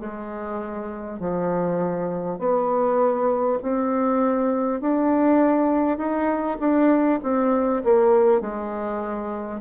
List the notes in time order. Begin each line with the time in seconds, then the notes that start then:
0.00 G#3
1.19 F3
2.39 B3
3.63 C4
4.81 D4
5.98 D#4
6.60 D4
7.23 C4
7.84 A#3
8.41 G#3